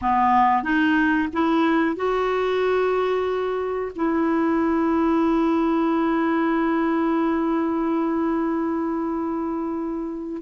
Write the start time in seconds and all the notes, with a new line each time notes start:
0.01 B3
0.63 D#4
1.32 E4
1.96 F#4
3.95 E4